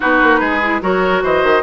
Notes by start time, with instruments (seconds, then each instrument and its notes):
0.00 bassoon B3, clarinet D#4, oboe F#4, flute B4
0.22 bassoon A#3
0.40 bassoon G#3, oboe G#4
0.62 clarinet E4
0.81 bassoon F#3, clarinet F#4, oboe A#4, flute C#5
1.23 bassoon E3, oboe C5, flute D#5
1.43 bassoon D#3